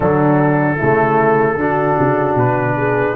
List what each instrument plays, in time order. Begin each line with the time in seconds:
0.00 tuba D3, trombone F#3, horn D4, trumpet A4
0.77 tuba C#3, trombone A3, horn E4
1.56 tuba D3, trombone D4, horn F#4
1.99 tuba C#3
2.35 tuba B2, trumpet B4
2.76 horn G#4